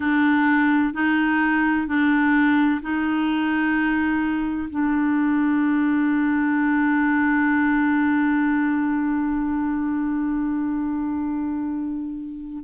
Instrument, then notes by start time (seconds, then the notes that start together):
clarinet
0.00 D4
0.93 D#4
1.87 D4
2.81 D#4
4.70 D4